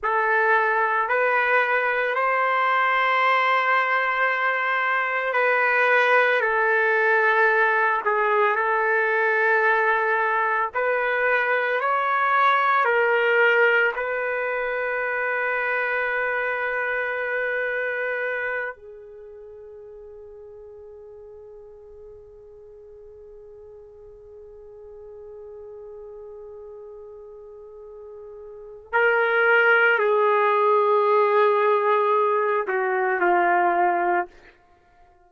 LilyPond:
\new Staff \with { instrumentName = "trumpet" } { \time 4/4 \tempo 4 = 56 a'4 b'4 c''2~ | c''4 b'4 a'4. gis'8 | a'2 b'4 cis''4 | ais'4 b'2.~ |
b'4. gis'2~ gis'8~ | gis'1~ | gis'2. ais'4 | gis'2~ gis'8 fis'8 f'4 | }